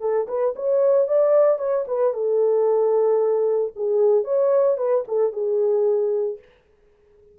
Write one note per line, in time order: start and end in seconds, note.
0.00 0.27 A4
0.27 0.54 B4
0.55 1.07 C#5
1.07 1.58 D5
1.58 1.85 C#5
1.87 2.13 B4
2.13 3.72 A4
3.75 4.24 G#4
4.24 4.77 C#5
4.77 5.04 B4
5.07 5.32 A4
5.32 6.38 G#4